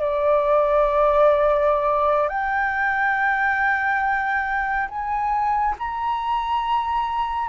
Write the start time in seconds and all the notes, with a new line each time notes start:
0.00 D5
2.28 G5
4.88 G#5
5.78 A#5